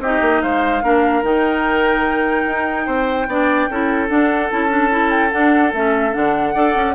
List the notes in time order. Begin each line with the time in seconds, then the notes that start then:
0.00 C4 D#4 G4 D#5
0.22 A#3
0.43 G#3 C5 F5
0.83 A#3 D4 A#4
1.23 D#3 D#4 G5
2.47 D#4
2.86 C4 C5
3.27 B3 D4 D5
3.70 C#4 E4 A4
4.09 D4 F#5
4.51 C#4 E4 A5
4.69 D4
4.91 E4
5.11 G5
5.32 D4 F#5
5.73 A3 C#4 E5
6.13 D3 D4 F#5
6.55 D4 A4 D5
6.76 C#4